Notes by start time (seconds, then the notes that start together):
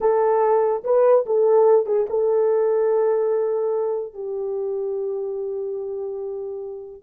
0.00 A4
0.84 B4
1.25 A4
1.86 G#4
2.09 A4
4.13 G4